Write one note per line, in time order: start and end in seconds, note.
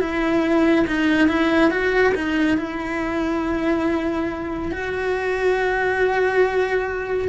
0.00 0.86 E4
0.87 1.28 D#4
1.28 1.71 E4
1.71 2.14 F#4
2.14 2.57 D#4
2.57 4.71 E4
4.71 7.28 F#4